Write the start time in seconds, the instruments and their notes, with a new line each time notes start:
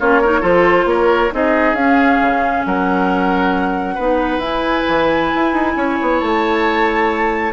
0.00 bassoon A#3, clarinet C#4, oboe F4, flute C#5
0.21 clarinet D#4, oboe A#4
0.41 bassoon F3, clarinet F4, oboe A4, flute C5
0.85 bassoon A#3, oboe A#4, flute C#5
1.32 bassoon C4, clarinet D#4, oboe G#4, flute D#5
1.74 bassoon C#4, clarinet C#4, flute F5
2.22 bassoon C#3
2.66 bassoon F#3, oboe A#4, flute F#5
3.95 bassoon B3, clarinet D#4, oboe B4
4.39 bassoon E4, clarinet E4, flute G#5
4.88 bassoon E3
5.36 bassoon E4
5.53 bassoon D#4
5.76 bassoon C#4, oboe C#5
6.02 bassoon B3
6.20 bassoon A3, flute A5